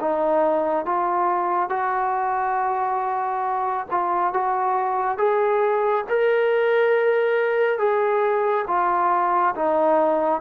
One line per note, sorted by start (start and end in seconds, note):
0.00 0.85 D#4
0.85 1.69 F4
1.69 3.87 F#4
3.90 4.33 F4
4.33 5.17 F#4
5.17 6.04 G#4
6.09 7.78 A#4
7.78 8.65 G#4
8.67 9.54 F4
9.55 10.41 D#4